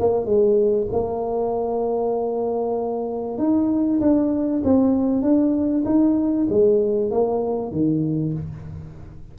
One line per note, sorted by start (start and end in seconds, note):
0.00 0.26 A#3
0.26 0.87 G#3
0.93 3.39 A#3
3.39 4.00 D#4
4.01 4.63 D4
4.64 5.23 C4
5.23 5.85 D4
5.86 6.48 D#4
6.50 7.11 G#3
7.11 7.72 A#3
7.72 8.34 D#3